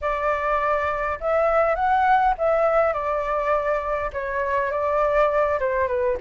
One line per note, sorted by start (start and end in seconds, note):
0.01 1.18 D5
1.20 1.75 E5
1.75 2.34 F#5
2.38 2.93 E5
2.93 4.10 D5
4.13 4.71 C#5
4.71 5.59 D5
5.59 5.87 C5
5.87 6.17 B4